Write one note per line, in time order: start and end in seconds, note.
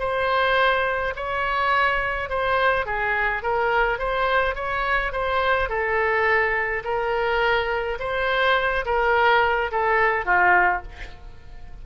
0.00 1.14 C5
1.16 2.30 C#5
2.30 2.86 C5
2.86 3.43 G#4
3.43 3.99 A#4
3.99 4.55 C5
4.55 5.12 C#5
5.12 5.69 C5
5.69 6.84 A4
6.84 7.99 A#4
8.00 8.85 C5
8.86 9.71 A#4
9.72 10.26 A4
10.26 10.83 F4